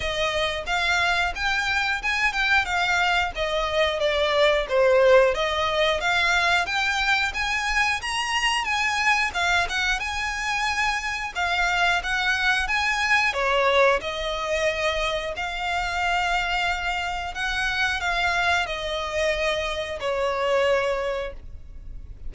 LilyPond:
\new Staff \with { instrumentName = "violin" } { \time 4/4 \tempo 4 = 90 dis''4 f''4 g''4 gis''8 g''8 | f''4 dis''4 d''4 c''4 | dis''4 f''4 g''4 gis''4 | ais''4 gis''4 f''8 fis''8 gis''4~ |
gis''4 f''4 fis''4 gis''4 | cis''4 dis''2 f''4~ | f''2 fis''4 f''4 | dis''2 cis''2 | }